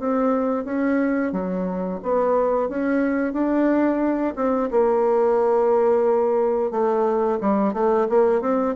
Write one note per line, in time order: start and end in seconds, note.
0.00 0.65 C4
0.65 1.32 C#4
1.33 2.00 F#3
2.03 2.69 B3
2.69 3.33 C#4
3.33 4.35 D4
4.36 4.70 C4
4.71 6.71 A#3
6.71 7.39 A3
7.41 7.74 G3
7.74 8.08 A3
8.09 8.41 A#3
8.41 8.75 C4